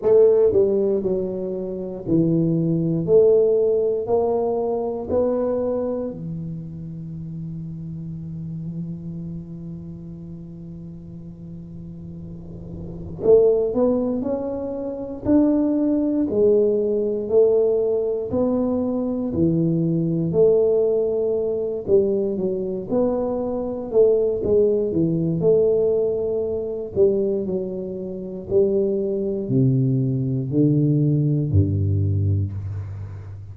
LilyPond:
\new Staff \with { instrumentName = "tuba" } { \time 4/4 \tempo 4 = 59 a8 g8 fis4 e4 a4 | ais4 b4 e2~ | e1~ | e4 a8 b8 cis'4 d'4 |
gis4 a4 b4 e4 | a4. g8 fis8 b4 a8 | gis8 e8 a4. g8 fis4 | g4 c4 d4 g,4 | }